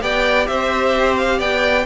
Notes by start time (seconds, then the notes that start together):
0.00 B3 G4 D5 G5
0.47 C4 C5 E5
1.17 F5
1.38 B3 D5 G5